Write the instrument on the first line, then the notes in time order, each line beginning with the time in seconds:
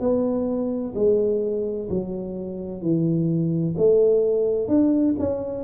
tuba
0.00 B3
0.95 G#3
1.90 F#3
2.82 E3
3.77 A3
4.68 D4
5.19 C#4